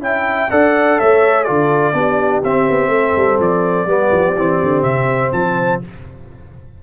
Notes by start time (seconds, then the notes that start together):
0.00 C#4 E4 E5 G5
0.50 D4 A4 D5 F#5
0.98 A3 C#5 E5
1.43 D3 F4 A4 D5
1.93 B3 D4 G4
2.43 C4 E5
2.69 B3
2.87 A3 A4
3.16 G3
3.39 F3 D5
3.86 G3 B3 G4
4.11 F3
4.36 E3 C4
4.62 D3
4.82 C3 E5
5.32 F3 C5 A5